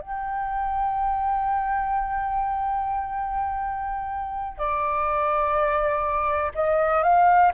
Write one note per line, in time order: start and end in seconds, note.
0.00 4.57 G5
4.57 6.51 D5
6.55 7.03 D#5
7.03 7.51 F5